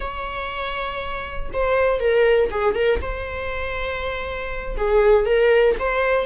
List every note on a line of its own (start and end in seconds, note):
0.00 1.50 C#5
1.53 2.00 C5
2.00 2.50 A#4
2.50 2.75 G#4
2.75 3.00 A#4
3.01 4.76 C5
4.76 5.25 G#4
5.25 5.75 A#4
5.79 6.26 C5